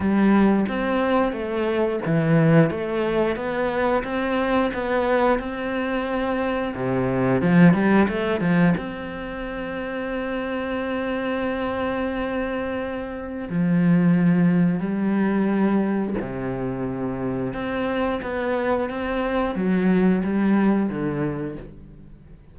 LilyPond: \new Staff \with { instrumentName = "cello" } { \time 4/4 \tempo 4 = 89 g4 c'4 a4 e4 | a4 b4 c'4 b4 | c'2 c4 f8 g8 | a8 f8 c'2.~ |
c'1 | f2 g2 | c2 c'4 b4 | c'4 fis4 g4 d4 | }